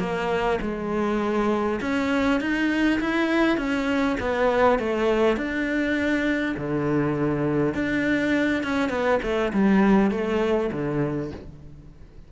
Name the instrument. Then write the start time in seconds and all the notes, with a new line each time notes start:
cello
0.00 A#3
0.62 G#3
1.82 C#4
2.41 D#4
3.01 E4
3.58 C#4
4.21 B3
4.80 A3
5.37 D4
6.57 D3
7.75 D4
8.64 C#4
8.90 B3
9.23 A3
9.53 G3
10.11 A3
10.72 D3